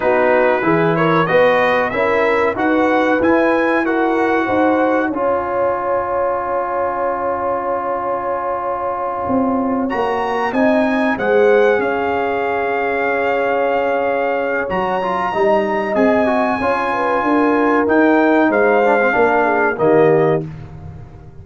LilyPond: <<
  \new Staff \with { instrumentName = "trumpet" } { \time 4/4 \tempo 4 = 94 b'4. cis''8 dis''4 e''4 | fis''4 gis''4 fis''2 | gis''1~ | gis''2.~ gis''8 ais''8~ |
ais''8 gis''4 fis''4 f''4.~ | f''2. ais''4~ | ais''4 gis''2. | g''4 f''2 dis''4 | }
  \new Staff \with { instrumentName = "horn" } { \time 4/4 fis'4 gis'8 ais'8 b'4 ais'4 | b'2 ais'4 c''4 | cis''1~ | cis''1~ |
cis''8 dis''4 c''4 cis''4.~ | cis''1 | dis''2 cis''8 b'8 ais'4~ | ais'4 c''4 ais'8 gis'8 g'4 | }
  \new Staff \with { instrumentName = "trombone" } { \time 4/4 dis'4 e'4 fis'4 e'4 | fis'4 e'4 fis'2 | f'1~ | f'2.~ f'8 fis'8~ |
fis'8 dis'4 gis'2~ gis'8~ | gis'2. fis'8 f'8 | dis'4 gis'8 fis'8 f'2 | dis'4. d'16 c'16 d'4 ais4 | }
  \new Staff \with { instrumentName = "tuba" } { \time 4/4 b4 e4 b4 cis'4 | dis'4 e'2 dis'4 | cis'1~ | cis'2~ cis'8 c'4 ais8~ |
ais8 c'4 gis4 cis'4.~ | cis'2. fis4 | g4 c'4 cis'4 d'4 | dis'4 gis4 ais4 dis4 | }
>>